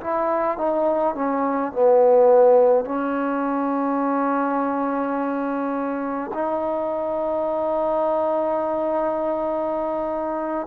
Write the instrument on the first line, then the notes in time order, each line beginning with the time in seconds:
trombone
0.00 E4
0.57 D#4
1.14 C#4
1.72 B3
2.85 C#4
6.34 D#4